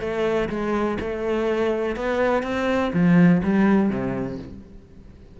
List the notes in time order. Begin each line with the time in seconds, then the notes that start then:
0.00 A3
0.49 G#3
1.00 A3
1.96 B3
2.43 C4
2.93 F3
3.43 G3
3.89 C3